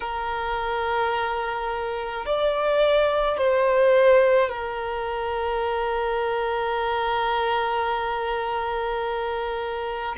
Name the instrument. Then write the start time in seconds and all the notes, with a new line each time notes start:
violin
0.00 A#4
2.25 D5
3.37 C5
4.49 A#4